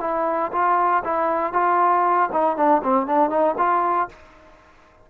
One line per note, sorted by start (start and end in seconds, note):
0.00 0.51 E4
0.52 1.03 F4
1.04 1.53 E4
1.53 2.29 F4
2.32 2.56 D#4
2.56 2.82 D4
2.83 3.06 C4
3.06 3.29 D4
3.29 3.55 D#4
3.58 4.08 F4